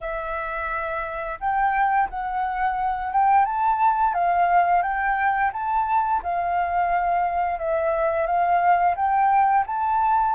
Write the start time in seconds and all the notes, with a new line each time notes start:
0.00 E5
1.39 G5
2.09 F#5
3.12 G5
3.45 A5
4.13 F5
4.82 G5
5.52 A5
6.23 F5
7.59 E5
8.26 F5
8.96 G5
9.66 A5